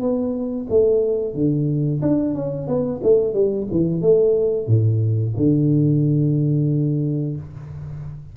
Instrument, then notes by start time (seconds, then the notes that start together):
tuba
0.00 B3
0.70 A3
1.34 D3
2.02 D4
2.35 C#4
2.67 B3
3.03 A3
3.34 G3
3.72 E3
4.02 A3
4.67 A2
5.37 D3